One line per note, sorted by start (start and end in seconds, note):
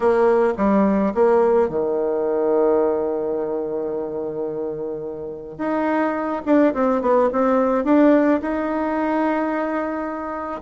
0.00 0.53 A#3
0.57 1.13 G3
1.14 1.68 A#3
1.68 5.57 D#3
5.57 6.42 D#4
6.45 6.73 D4
6.74 7.01 C4
7.01 7.29 B3
7.32 7.84 C4
7.84 8.40 D4
8.41 10.61 D#4